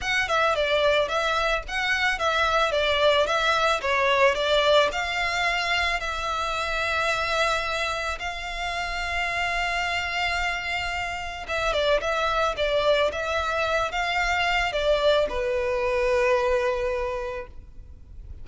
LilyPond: \new Staff \with { instrumentName = "violin" } { \time 4/4 \tempo 4 = 110 fis''8 e''8 d''4 e''4 fis''4 | e''4 d''4 e''4 cis''4 | d''4 f''2 e''4~ | e''2. f''4~ |
f''1~ | f''4 e''8 d''8 e''4 d''4 | e''4. f''4. d''4 | b'1 | }